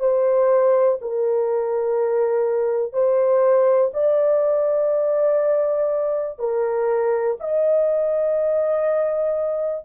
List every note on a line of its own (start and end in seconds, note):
0.00 0.98 C5
1.01 2.93 A#4
2.93 3.92 C5
3.94 6.39 D5
6.39 7.37 A#4
7.40 9.85 D#5